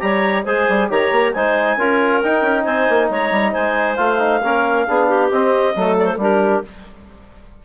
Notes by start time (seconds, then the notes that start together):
0.00 G3 G4 C#5 A#5
0.45 G#3 G#4 C5 G#5
0.69 G3
0.90 D#3 G4 C#5 A#5
1.12 A#3
1.34 G#3 D#4 C5 G#5
1.77 C#4 F4 A#4
2.23 D#4 G5
2.42 C#4
2.64 C4 C5 G#5
2.90 A#3
3.10 G#3 C#5 A#5
3.32 G3
3.53 G#3 C5 G#5
3.97 A3 F4 F5
4.19 D#4
4.44 A#3 C#4 A#4
4.88 B3 D4 G#4
5.08 G4
5.31 C4 D#5
5.76 F#3 A3 A4
5.99 D5
6.06 C5
6.17 G3 D4 G4 A#4